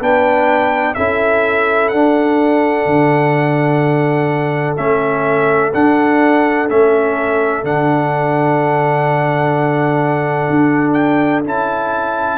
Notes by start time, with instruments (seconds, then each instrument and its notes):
0.00 tuba B3, trombone D4, horn B4, trumpet G5
0.94 tuba C#4, trombone E4, horn A4, trumpet E5
1.88 tuba D4, trombone D4, trumpet F#5
2.86 tuba D3
4.77 tuba A3, trombone C#4, trumpet E5
5.73 trombone D4, tuba D4, trumpet F#5
6.69 tuba A3, trombone C#4, trumpet E5
7.63 tuba D3, trombone D4, trumpet F#5
10.50 tuba D4
10.93 trumpet G5
11.44 tuba C#4, trombone E4, trumpet A5